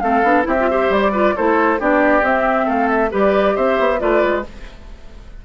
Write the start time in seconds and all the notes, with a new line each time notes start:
0.00 A3 C4 A4 F5
0.24 B3 D4
0.44 C4 E4 G4 E5
0.60 F4
0.70 G4 C5
0.90 G3 D5
1.13 F4 B4
1.36 A3 E4 A4 C5
1.79 B3 D4 G4 D5
2.22 C4 E5
2.66 A3 A4 F5
2.89 E5
3.11 G3 G4 B4 D5
3.56 C4 C5 E5
3.80 B3
3.99 A3 F4 B4 D5
4.23 G#3